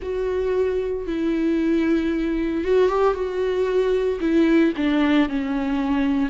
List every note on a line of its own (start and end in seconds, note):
0.02 1.07 F#4
1.07 2.64 E4
2.64 2.88 F#4
2.88 3.13 G4
3.13 4.19 F#4
4.20 4.73 E4
4.76 5.29 D4
5.29 6.29 C#4